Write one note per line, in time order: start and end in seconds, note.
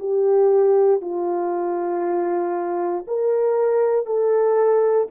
0.00 1.02 G4
1.02 3.05 F4
3.07 4.06 A#4
4.06 5.08 A4